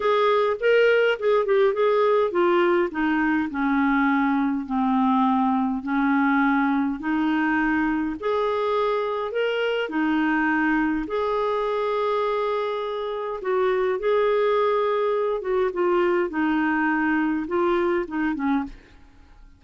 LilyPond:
\new Staff \with { instrumentName = "clarinet" } { \time 4/4 \tempo 4 = 103 gis'4 ais'4 gis'8 g'8 gis'4 | f'4 dis'4 cis'2 | c'2 cis'2 | dis'2 gis'2 |
ais'4 dis'2 gis'4~ | gis'2. fis'4 | gis'2~ gis'8 fis'8 f'4 | dis'2 f'4 dis'8 cis'8 | }